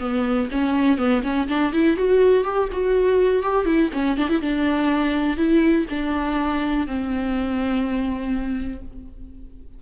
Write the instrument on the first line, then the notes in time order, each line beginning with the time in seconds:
viola
0.00 B3
0.51 C#4
0.98 B3
1.24 C#4
1.49 D4
1.73 E4
1.97 F#4
2.44 G4
2.73 F#4
3.43 G4
3.66 E4
3.94 C#4
4.18 D4
4.29 E4
4.42 D4
5.37 E4
5.90 D4
6.87 C4